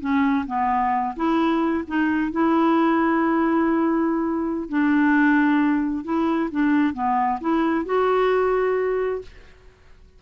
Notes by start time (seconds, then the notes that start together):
0.00 C#4
0.47 B3
1.16 E4
1.87 D#4
2.32 E4
4.69 D4
6.04 E4
6.51 D4
6.94 B3
7.40 E4
7.85 F#4